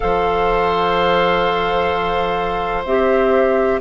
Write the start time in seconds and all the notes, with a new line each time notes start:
0.00 F3 A4 C5 F5
2.85 C4 G4 E5